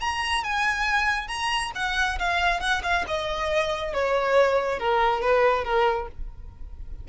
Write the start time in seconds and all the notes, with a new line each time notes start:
0.00 A#5
0.43 G#5
1.28 A#5
1.75 F#5
2.19 F5
2.60 F#5
2.83 F5
3.07 D#5
3.93 C#5
4.79 A#4
5.21 B4
5.64 A#4